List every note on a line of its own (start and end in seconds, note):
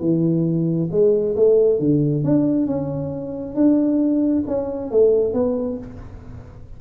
0.00 0.89 E3
0.91 1.35 G#3
1.36 1.79 A3
1.79 2.23 D3
2.23 2.66 D4
2.66 3.55 C#4
3.55 4.44 D4
4.47 4.91 C#4
4.91 5.33 A3
5.33 5.78 B3